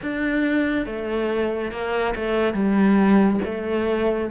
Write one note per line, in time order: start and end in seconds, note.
0.02 0.86 D4
0.86 1.71 A3
1.71 2.14 A#3
2.15 2.53 A3
2.53 3.39 G3
3.44 4.30 A3